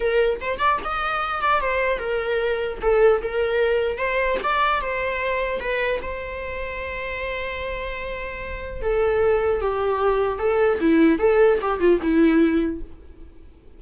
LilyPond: \new Staff \with { instrumentName = "viola" } { \time 4/4 \tempo 4 = 150 ais'4 c''8 d''8 dis''4. d''8 | c''4 ais'2 a'4 | ais'2 c''4 d''4 | c''2 b'4 c''4~ |
c''1~ | c''2 a'2 | g'2 a'4 e'4 | a'4 g'8 f'8 e'2 | }